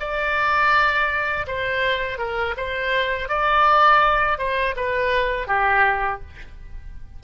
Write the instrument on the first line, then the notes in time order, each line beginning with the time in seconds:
oboe
0.00 D5
1.48 C5
2.19 A#4
2.57 C5
3.29 D5
4.39 C5
4.77 B4
5.48 G4